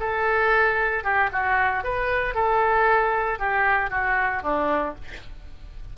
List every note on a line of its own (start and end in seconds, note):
0.00 1.04 A4
1.04 1.30 G4
1.33 1.84 F#4
1.84 2.35 B4
2.35 3.39 A4
3.39 3.91 G4
3.91 4.43 F#4
4.43 4.95 D4